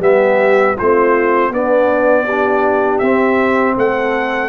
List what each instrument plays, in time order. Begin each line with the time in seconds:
0.00 tuba G3, trombone B3, horn G4, trumpet E5
0.77 tuba A3, trombone C4, horn F4, trumpet C5
1.50 tuba B3, trombone B3, horn D4, trumpet D5
2.25 horn G4
2.31 trombone D4
2.99 tuba C4, trombone C4, trumpet E5
3.77 tuba A3, horn A4, trumpet F#5